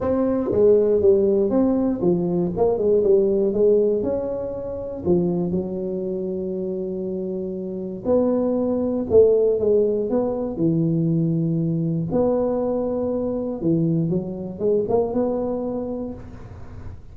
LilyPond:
\new Staff \with { instrumentName = "tuba" } { \time 4/4 \tempo 4 = 119 c'4 gis4 g4 c'4 | f4 ais8 gis8 g4 gis4 | cis'2 f4 fis4~ | fis1 |
b2 a4 gis4 | b4 e2. | b2. e4 | fis4 gis8 ais8 b2 | }